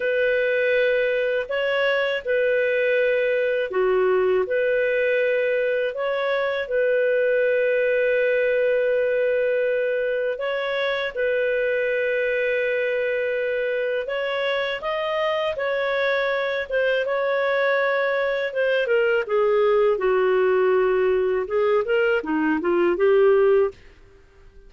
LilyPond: \new Staff \with { instrumentName = "clarinet" } { \time 4/4 \tempo 4 = 81 b'2 cis''4 b'4~ | b'4 fis'4 b'2 | cis''4 b'2.~ | b'2 cis''4 b'4~ |
b'2. cis''4 | dis''4 cis''4. c''8 cis''4~ | cis''4 c''8 ais'8 gis'4 fis'4~ | fis'4 gis'8 ais'8 dis'8 f'8 g'4 | }